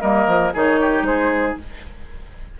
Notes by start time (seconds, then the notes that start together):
0.00 G3 A#3 A#4 D#5
0.26 F3
0.53 D#3 D#4 G#4 C#5
0.80 G4
1.02 G#3 G#4 C5